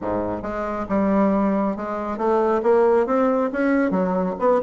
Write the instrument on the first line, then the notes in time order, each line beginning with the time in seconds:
bassoon
0.01 G#2
0.42 G#3
0.89 G3
1.76 G#3
2.17 A3
2.62 A#3
3.06 C4
3.52 C#4
3.90 F#3
4.39 B3